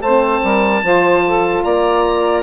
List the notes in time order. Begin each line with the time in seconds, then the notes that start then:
0.00 A3 C4 C5 A5
0.43 G3 A#4
0.82 F3 F4 C5
1.26 A4
1.64 A#3 D5 A#5